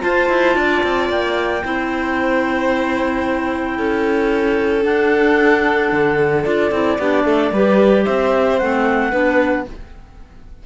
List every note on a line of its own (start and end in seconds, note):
0.00 1.61 F4
0.00 0.29 F4
0.00 0.57 C5
0.00 1.09 A5
0.29 0.56 E4
0.56 0.83 D4
0.56 1.64 D5
0.83 1.09 C4
1.09 1.63 A#3
1.09 4.85 G5
1.64 3.79 C4
1.64 4.82 E4
1.64 3.77 C5
3.77 4.85 C#4
3.77 6.98 A4
4.82 6.43 D4
4.82 5.92 D4
4.82 6.45 F#5
5.92 6.46 D3
6.44 6.71 D4
6.44 6.71 F4
6.44 8.05 D5
6.71 6.98 C4
6.71 6.98 E4
6.99 7.24 B3
6.99 7.53 D4
6.99 7.26 G4
7.24 7.51 A3
7.24 7.53 A4
7.52 8.06 G3
7.52 8.61 G4
7.52 8.04 B4
8.04 8.61 C4
8.04 9.10 C5
8.04 8.58 E5
8.58 9.12 A3
8.58 9.11 C4
8.58 9.65 F#5
9.10 9.66 B3
9.10 9.65 D4
9.10 9.64 B4